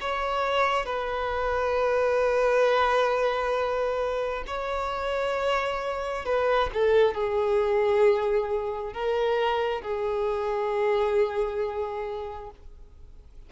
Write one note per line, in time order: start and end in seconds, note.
0.00 0.85 C#5
0.85 4.43 B4
4.47 6.25 C#5
6.25 6.70 B4
6.73 7.14 A4
7.14 8.93 G#4
8.93 9.81 A#4
9.81 12.50 G#4